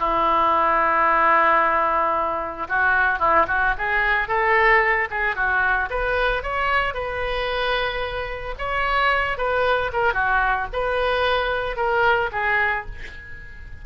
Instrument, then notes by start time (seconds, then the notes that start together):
oboe
0.00 E4
2.69 F#4
3.19 E4
3.48 F#4
3.78 G#4
4.28 A4
5.11 G#4
5.36 F#4
5.90 B4
6.43 C#5
6.94 B4
8.59 C#5
9.38 B4
9.93 A#4
10.14 F#4
10.73 B4
11.77 A#4
12.32 G#4